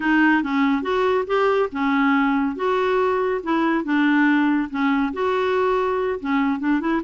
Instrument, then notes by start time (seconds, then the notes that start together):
clarinet
0.00 D#4
0.43 C#4
0.82 F#4
1.27 G4
1.72 C#4
2.56 F#4
3.43 E4
3.84 D4
4.70 C#4
5.13 F#4
6.20 C#4
6.59 D4
6.80 E4